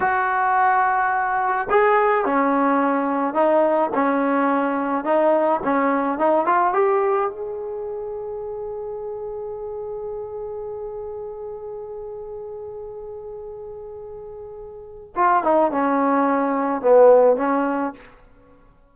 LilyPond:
\new Staff \with { instrumentName = "trombone" } { \time 4/4 \tempo 4 = 107 fis'2. gis'4 | cis'2 dis'4 cis'4~ | cis'4 dis'4 cis'4 dis'8 f'8 | g'4 gis'2.~ |
gis'1~ | gis'1~ | gis'2. f'8 dis'8 | cis'2 b4 cis'4 | }